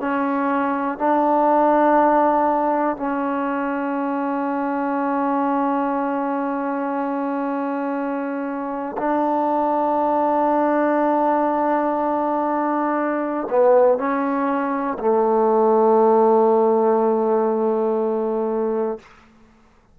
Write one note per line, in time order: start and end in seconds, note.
0.00 0.98 C#4
0.98 2.96 D4
2.96 8.96 C#4
8.97 13.47 D4
13.50 13.98 B3
13.98 14.98 C#4
14.99 18.99 A3